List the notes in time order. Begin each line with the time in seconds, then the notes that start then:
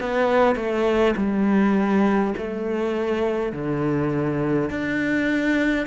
0.00 B3
0.56 A3
1.17 G3
2.38 A3
3.52 D3
4.70 D4